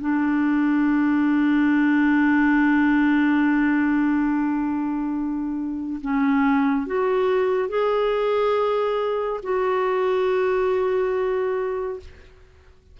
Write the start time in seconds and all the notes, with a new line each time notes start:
0.00 D4
6.01 C#4
6.86 F#4
7.68 G#4
9.42 F#4